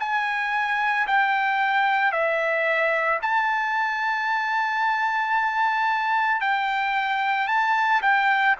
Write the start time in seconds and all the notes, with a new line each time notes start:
0.00 G#5
1.08 G5
2.13 E5
3.23 A5
6.41 G5
7.48 A5
8.03 G5